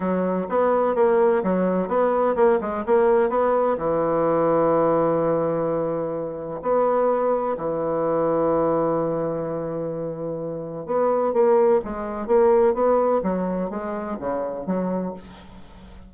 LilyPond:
\new Staff \with { instrumentName = "bassoon" } { \time 4/4 \tempo 4 = 127 fis4 b4 ais4 fis4 | b4 ais8 gis8 ais4 b4 | e1~ | e2 b2 |
e1~ | e2. b4 | ais4 gis4 ais4 b4 | fis4 gis4 cis4 fis4 | }